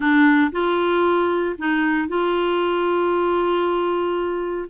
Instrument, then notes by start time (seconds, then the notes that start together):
clarinet
0.00 D4
0.51 F4
1.58 D#4
2.08 F4